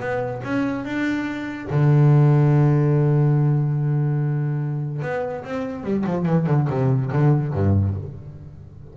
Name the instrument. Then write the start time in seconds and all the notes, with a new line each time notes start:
double bass
0.00 B3
0.44 C#4
0.85 D4
1.70 D3
5.02 B3
5.45 C4
5.84 G3
6.06 F3
6.26 E3
6.47 D3
6.70 C3
7.12 D3
7.53 G2